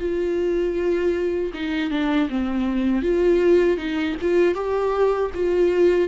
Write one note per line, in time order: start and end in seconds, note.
0.00 1.52 F4
1.54 1.91 D#4
1.91 2.29 D4
2.30 3.02 C4
3.02 3.78 F4
3.78 4.16 D#4
4.22 4.55 F4
4.55 5.31 G4
5.34 6.08 F4